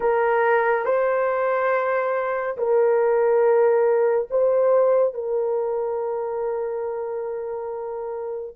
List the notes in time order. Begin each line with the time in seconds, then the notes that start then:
0.00 A#4
0.85 C5
2.57 A#4
4.30 C5
5.14 A#4